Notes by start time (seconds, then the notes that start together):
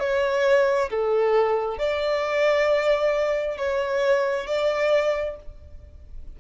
0.00 C#5
0.90 A4
1.79 D5
3.58 C#5
4.47 D5